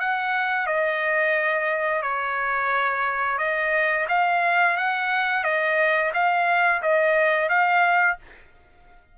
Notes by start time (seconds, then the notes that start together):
0.00 F#5
0.67 D#5
2.02 C#5
3.38 D#5
4.09 F5
4.77 F#5
5.44 D#5
6.14 F5
6.82 D#5
7.49 F5